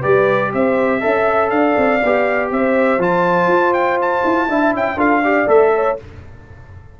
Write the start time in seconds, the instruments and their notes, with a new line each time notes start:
0.00 tuba G3, trombone G4, horn B4, trumpet D5
0.53 tuba C4, horn C5, trumpet E5
1.01 tuba C#4, trombone A4, horn E5
1.50 tuba D4, horn D5, trumpet F5
1.77 tuba C4
2.03 tuba B3, trombone G4
2.51 tuba C4, horn C5, trumpet E5
2.98 tuba F3, trombone F4, trumpet A5
3.47 tuba F4
3.74 trumpet G5
4.02 trumpet A5
4.24 tuba E4
4.48 tuba D4, trombone E4, horn E5
4.74 tuba C#4, trumpet G5
4.96 tuba D4, trombone F4, horn A4, trumpet F5
5.24 trombone G4, horn D5
5.47 tuba A3, trombone A4, trumpet E5
5.75 horn C#5